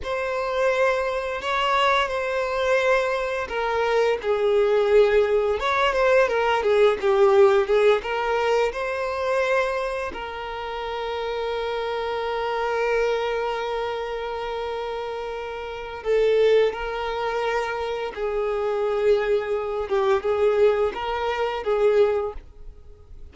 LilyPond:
\new Staff \with { instrumentName = "violin" } { \time 4/4 \tempo 4 = 86 c''2 cis''4 c''4~ | c''4 ais'4 gis'2 | cis''8 c''8 ais'8 gis'8 g'4 gis'8 ais'8~ | ais'8 c''2 ais'4.~ |
ais'1~ | ais'2. a'4 | ais'2 gis'2~ | gis'8 g'8 gis'4 ais'4 gis'4 | }